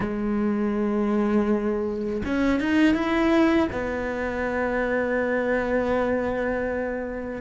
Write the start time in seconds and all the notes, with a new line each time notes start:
0.00 G#3
2.25 C#4
2.59 D#4
2.94 E4
3.72 B3